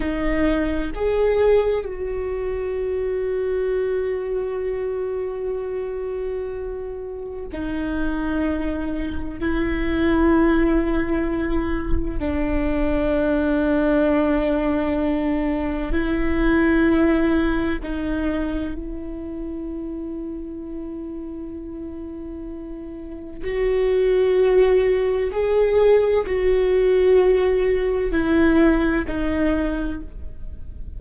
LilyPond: \new Staff \with { instrumentName = "viola" } { \time 4/4 \tempo 4 = 64 dis'4 gis'4 fis'2~ | fis'1 | dis'2 e'2~ | e'4 d'2.~ |
d'4 e'2 dis'4 | e'1~ | e'4 fis'2 gis'4 | fis'2 e'4 dis'4 | }